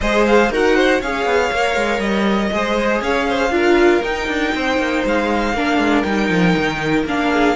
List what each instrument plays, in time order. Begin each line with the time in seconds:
0.00 cello G#3, viola G#4, violin C5 D#5
0.26 violin F5
0.50 cello D#4, viola F#4, violin A#4 F#5
0.75 violin C5
1.01 cello C#4, viola G#4, violin C#5 F5
1.25 cello B3
1.52 cello A#3, viola A#4
1.75 cello G#3
1.99 cello G3, violin D#5
2.52 cello G#3, viola G#4, violin C5
3.01 cello C#4, violin C#5 F5
3.29 violin C5
3.49 cello D4, viola F4, violin A#4
4.02 cello D#4, viola D#4, violin G5
4.27 cello D4
4.54 cello C4, violin C5
4.78 cello A#3
5.05 cello G#3, violin F5
5.53 cello A#3, viola D4, violin A#4
5.77 cello G#3
6.02 cello G3, viola D#4, violin G5
6.29 cello F3
6.56 cello D#3
7.04 cello A#3, viola D4, violin F5
7.32 violin G#4